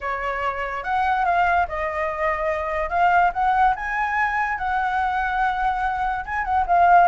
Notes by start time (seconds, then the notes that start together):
0.00 C#5
0.83 F#5
1.25 F5
1.68 D#5
2.89 F5
3.33 F#5
3.75 G#5
4.58 F#5
6.25 G#5
6.44 F#5
6.67 F5